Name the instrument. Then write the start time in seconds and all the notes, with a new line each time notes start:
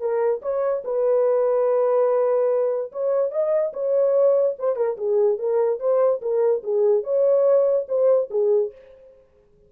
horn
0.00 A#4
0.42 C#5
0.85 B4
2.92 C#5
3.31 D#5
3.74 C#5
4.59 C5
4.76 A#4
4.97 G#4
5.38 A#4
5.80 C5
6.22 A#4
6.64 G#4
7.04 C#5
7.88 C5
8.31 G#4